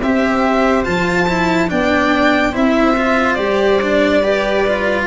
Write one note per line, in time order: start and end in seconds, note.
0.00 0.86 C4
0.00 0.84 G4
0.00 1.69 C5
0.00 0.84 E5
0.84 1.71 F3
0.84 1.26 F4
0.84 1.69 A5
1.28 1.68 E4
1.68 2.55 B3
1.68 2.52 D4
1.68 2.52 D5
1.68 2.55 G5
2.52 3.38 C4
2.52 2.95 E4
2.52 4.21 C5
2.52 3.34 E5
2.97 3.37 F4
3.34 5.07 G3
3.34 3.80 G4
3.34 5.03 D5
3.82 4.23 D4
4.21 4.65 G4
4.21 5.05 B4
4.67 5.07 F4